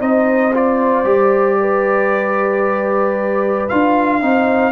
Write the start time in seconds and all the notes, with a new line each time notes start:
0.00 C4 D#4 C5 D#5
0.54 F4 D5
1.05 G3 G4
1.61 B4
3.69 D4 F4 F5
4.22 C4 D#4 C5